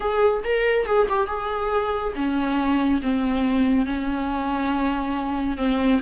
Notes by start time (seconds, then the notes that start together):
0.00 G#4
0.44 A#4
0.86 G#4
1.09 G4
1.27 G#4
2.15 C#4
3.02 C4
3.86 C#4
5.57 C4